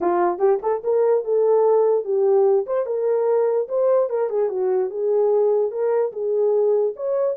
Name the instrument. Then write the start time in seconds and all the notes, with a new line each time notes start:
horn
0.01 F4
0.38 G4
0.62 A4
0.83 A#4
1.24 A4
2.04 G4
2.66 C5
2.86 A#4
3.68 C5
4.09 A#4
4.29 G#4
4.49 F#4
4.90 G#4
5.71 A#4
6.12 G#4
6.96 C#5